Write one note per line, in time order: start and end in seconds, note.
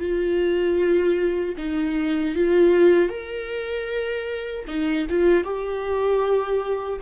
0.00 1.56 F4
1.58 2.36 D#4
2.36 3.10 F4
3.10 4.65 A#4
4.68 5.07 D#4
5.10 5.44 F4
5.44 7.00 G4